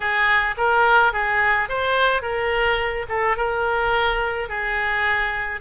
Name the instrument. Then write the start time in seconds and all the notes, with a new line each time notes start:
oboe
0.00 G#4
0.57 A#4
1.12 G#4
1.68 C5
2.21 A#4
3.08 A4
3.36 A#4
4.48 G#4